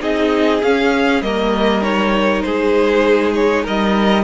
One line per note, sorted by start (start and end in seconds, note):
0.00 0.62 C4
0.00 0.61 D#4
0.00 1.23 G#4
0.00 0.62 D#5
0.62 1.22 C#4
0.62 1.23 C#4
0.62 1.22 F5
1.22 2.43 G3
1.22 1.82 A#3
1.22 2.46 A#4
1.22 1.83 D#5
1.82 4.24 D#4
1.82 2.42 C#5
2.42 3.67 G#3
2.42 3.63 G#4
2.42 3.33 C5
3.34 3.65 C#5
3.63 4.24 G3
3.63 4.24 A#4
3.63 4.24 D#5